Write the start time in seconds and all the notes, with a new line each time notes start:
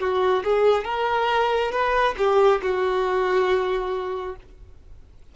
0.00 F#4
0.44 G#4
0.85 A#4
1.72 B4
2.18 G4
2.62 F#4